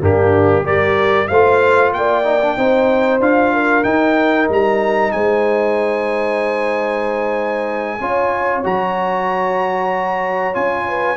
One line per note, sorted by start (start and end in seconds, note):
0.00 0.64 G2
0.00 0.64 A#3
0.00 0.64 D4
0.00 0.66 G4
0.64 1.28 G3
0.64 1.28 G4
0.64 1.28 A#4
0.64 1.28 D5
1.28 1.93 A3
1.28 2.23 F4
1.28 1.93 C5
1.28 1.91 F5
1.93 2.57 A#3
1.93 2.58 D5
1.93 3.21 G5
2.23 2.39 D#4
2.42 2.58 D4
2.57 3.20 C4
2.57 3.20 D#4
2.57 3.54 C5
3.20 3.84 D4
3.20 3.84 F4
3.20 3.83 F5
3.54 5.13 A#4
3.83 7.99 D#4
3.83 4.48 D#4
3.83 4.47 G5
4.49 5.12 G3
4.49 5.12 A#5
5.12 8.00 G#3
5.12 8.00 C5
5.12 8.63 G#5
8.00 8.64 C#4
8.00 8.64 F4
8.00 10.88 C#5
8.64 10.56 F#3
8.64 10.54 F#4
8.64 10.55 A#5
10.54 11.16 C#4
10.54 11.16 F4
10.54 11.16 G#5
10.88 11.16 B4